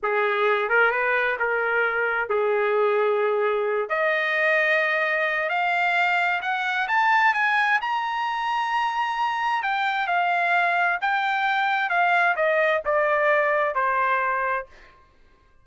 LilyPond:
\new Staff \with { instrumentName = "trumpet" } { \time 4/4 \tempo 4 = 131 gis'4. ais'8 b'4 ais'4~ | ais'4 gis'2.~ | gis'8 dis''2.~ dis''8 | f''2 fis''4 a''4 |
gis''4 ais''2.~ | ais''4 g''4 f''2 | g''2 f''4 dis''4 | d''2 c''2 | }